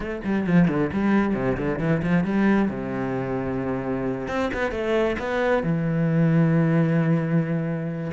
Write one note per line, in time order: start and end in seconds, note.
0.00 0.21 A3
0.24 0.46 G3
0.46 0.68 F3
0.68 0.90 D3
0.92 1.34 G3
1.34 1.56 C3
1.57 1.79 D3
1.79 2.01 E3
2.02 2.24 F3
2.24 2.69 G3
2.70 4.28 C3
4.28 4.50 C4
4.53 4.71 B3
4.71 5.16 A3
5.18 5.63 B3
5.63 8.11 E3